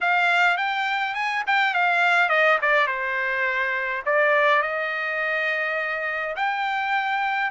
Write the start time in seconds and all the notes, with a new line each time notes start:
0.00 F5
0.57 G5
1.14 G#5
1.46 G5
1.74 F5
2.29 D#5
2.61 D5
2.87 C5
4.05 D5
4.62 D#5
6.36 G5